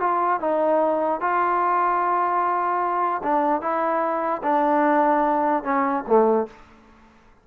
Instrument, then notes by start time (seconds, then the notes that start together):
trombone
0.00 F4
0.41 D#4
1.21 F4
3.23 D4
3.61 E4
4.43 D4
5.64 C#4
6.07 A3